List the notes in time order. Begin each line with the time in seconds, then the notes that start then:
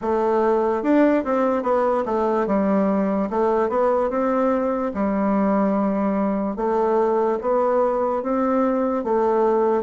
0.01 A3
0.83 D4
1.24 C4
1.63 B3
2.05 A3
2.47 G3
3.30 A3
3.69 B3
4.09 C4
4.94 G3
6.56 A3
7.41 B3
8.22 C4
9.04 A3